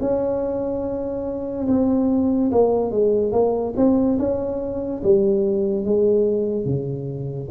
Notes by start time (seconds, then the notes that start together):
0.00 C#4
1.67 C4
2.51 A#3
2.91 G#3
3.31 A#3
3.76 C4
4.18 C#4
5.03 G3
5.84 G#3
6.65 C#3